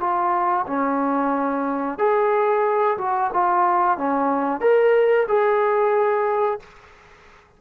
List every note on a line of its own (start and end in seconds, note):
0.00 0.66 F4
0.67 1.99 C#4
1.99 2.98 G#4
2.98 3.31 F#4
3.33 3.98 F4
3.98 4.61 C#4
4.61 5.27 A#4
5.28 6.60 G#4